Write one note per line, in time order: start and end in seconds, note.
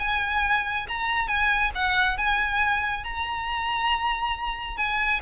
0.00 0.87 G#5
0.89 1.28 A#5
1.28 1.72 G#5
1.75 2.18 F#5
2.18 3.04 G#5
3.04 4.77 A#5
4.77 5.21 G#5